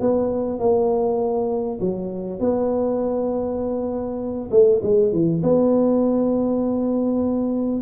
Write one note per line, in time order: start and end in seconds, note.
0.00 0.59 B3
0.59 1.79 A#3
1.80 2.40 F#3
2.40 4.50 B3
4.51 4.81 A3
4.82 5.12 G#3
5.12 5.42 E3
5.43 7.81 B3